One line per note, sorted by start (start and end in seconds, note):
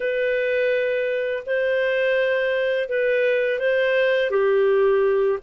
0.00 1.43 B4
1.46 2.88 C5
2.88 3.59 B4
3.59 4.30 C5
4.30 5.39 G4